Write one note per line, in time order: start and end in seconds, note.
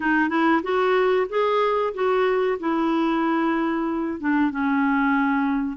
0.00 0.29 D#4
0.29 0.61 E4
0.62 1.27 F#4
1.29 1.93 G#4
1.94 2.58 F#4
2.59 4.19 E4
4.19 4.50 D4
4.50 5.77 C#4